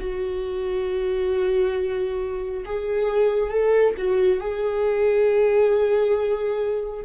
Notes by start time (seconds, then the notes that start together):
0.00 F#4
2.66 G#4
3.51 A4
3.98 F#4
4.41 G#4